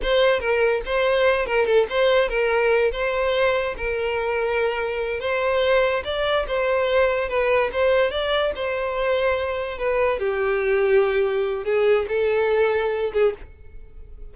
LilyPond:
\new Staff \with { instrumentName = "violin" } { \time 4/4 \tempo 4 = 144 c''4 ais'4 c''4. ais'8 | a'8 c''4 ais'4. c''4~ | c''4 ais'2.~ | ais'8 c''2 d''4 c''8~ |
c''4. b'4 c''4 d''8~ | d''8 c''2. b'8~ | b'8 g'2.~ g'8 | gis'4 a'2~ a'8 gis'8 | }